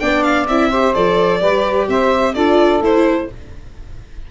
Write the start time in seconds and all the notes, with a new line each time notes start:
0.00 B3 D4 D5 G5
0.23 F5
0.48 C4 E4 E5
0.70 G4 C5
0.95 F3 A4 D5
1.41 G3 G4 B4
1.89 C4 C5 E5
2.34 D4 F4 A4 D5
2.81 A3 E4 C5